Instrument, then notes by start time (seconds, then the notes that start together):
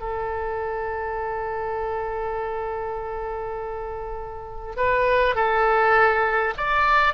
oboe
0.00 A4
4.76 B4
5.35 A4
6.57 D5